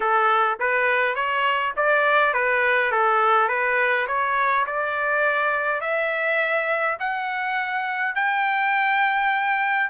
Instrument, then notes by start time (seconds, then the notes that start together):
trumpet
0.00 A4
0.59 B4
1.15 C#5
1.76 D5
2.33 B4
2.91 A4
3.48 B4
4.07 C#5
4.66 D5
5.80 E5
6.99 F#5
8.15 G5